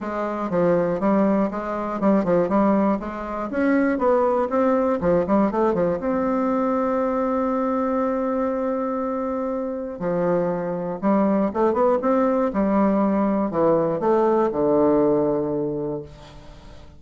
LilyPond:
\new Staff \with { instrumentName = "bassoon" } { \time 4/4 \tempo 4 = 120 gis4 f4 g4 gis4 | g8 f8 g4 gis4 cis'4 | b4 c'4 f8 g8 a8 f8 | c'1~ |
c'1 | f2 g4 a8 b8 | c'4 g2 e4 | a4 d2. | }